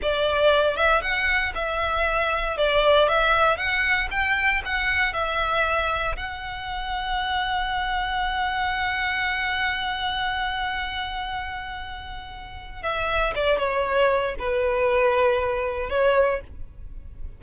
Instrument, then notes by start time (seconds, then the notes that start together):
violin
0.02 D5
0.76 E5
1.01 F#5
1.54 E5
2.57 D5
3.08 E5
3.57 F#5
4.10 G5
4.65 F#5
5.13 E5
6.16 F#5
12.82 E5
13.35 D5
13.58 C#5
14.38 B4
15.89 C#5